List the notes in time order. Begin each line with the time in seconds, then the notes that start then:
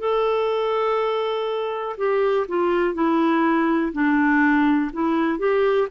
0.00 A4
1.98 G4
2.49 F4
2.94 E4
3.93 D4
4.93 E4
5.39 G4